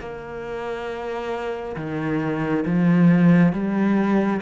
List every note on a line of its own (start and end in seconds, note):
0.00 1.76 A#3
1.77 2.65 D#3
2.66 3.53 F3
3.53 4.41 G3